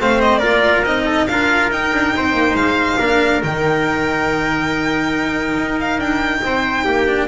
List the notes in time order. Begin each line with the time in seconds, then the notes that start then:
0.00 A3 C4 C5 F5
0.20 D#5
0.38 A#3 F4 A#4 D5
0.83 C4 D#4 D#5
1.05 A4
1.27 D4 F4 A#4 F5
1.70 D#4 G5
1.93 D4
2.15 C4 C5
2.32 A#3
2.54 G#3 F5
2.98 A#3 D4 A#4
3.43 D#3 D#4 G5
5.55 D#4
5.80 F5
5.98 D4 G5
6.43 C4 C5
6.84 A#3 G4
7.07 D4